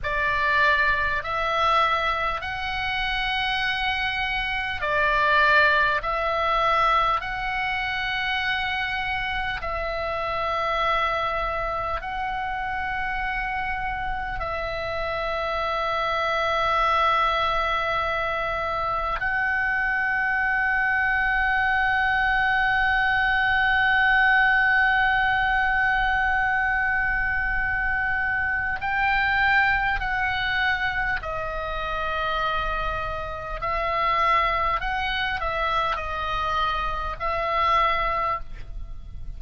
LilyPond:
\new Staff \with { instrumentName = "oboe" } { \time 4/4 \tempo 4 = 50 d''4 e''4 fis''2 | d''4 e''4 fis''2 | e''2 fis''2 | e''1 |
fis''1~ | fis''1 | g''4 fis''4 dis''2 | e''4 fis''8 e''8 dis''4 e''4 | }